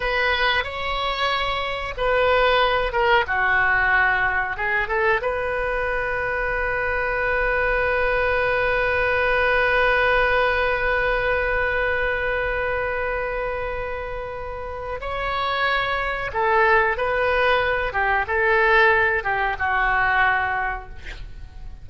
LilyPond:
\new Staff \with { instrumentName = "oboe" } { \time 4/4 \tempo 4 = 92 b'4 cis''2 b'4~ | b'8 ais'8 fis'2 gis'8 a'8 | b'1~ | b'1~ |
b'1~ | b'2. cis''4~ | cis''4 a'4 b'4. g'8 | a'4. g'8 fis'2 | }